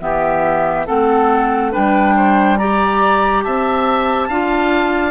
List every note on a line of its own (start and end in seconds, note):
0.00 0.86 E3
0.00 0.86 B3
0.00 0.86 G4
0.00 0.86 E5
0.86 1.75 A3
0.86 1.72 C4
0.86 1.71 A4
0.86 1.72 F#5
1.71 3.45 G3
1.71 2.58 D4
1.71 2.14 B4
1.71 2.57 G5
2.16 2.59 C5
2.57 4.30 G4
2.57 3.44 D5
2.57 3.43 A#5
3.43 4.29 C4
3.43 4.28 E5
3.43 5.11 A5
4.28 5.11 D4
4.28 5.11 F4
4.28 5.11 F5